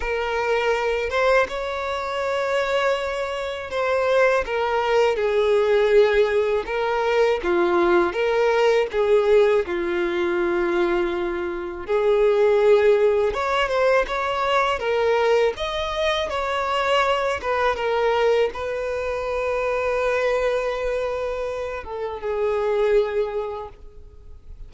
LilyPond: \new Staff \with { instrumentName = "violin" } { \time 4/4 \tempo 4 = 81 ais'4. c''8 cis''2~ | cis''4 c''4 ais'4 gis'4~ | gis'4 ais'4 f'4 ais'4 | gis'4 f'2. |
gis'2 cis''8 c''8 cis''4 | ais'4 dis''4 cis''4. b'8 | ais'4 b'2.~ | b'4. a'8 gis'2 | }